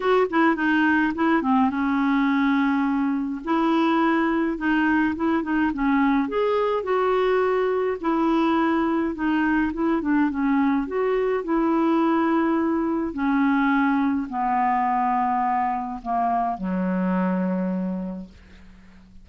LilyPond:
\new Staff \with { instrumentName = "clarinet" } { \time 4/4 \tempo 4 = 105 fis'8 e'8 dis'4 e'8 c'8 cis'4~ | cis'2 e'2 | dis'4 e'8 dis'8 cis'4 gis'4 | fis'2 e'2 |
dis'4 e'8 d'8 cis'4 fis'4 | e'2. cis'4~ | cis'4 b2. | ais4 fis2. | }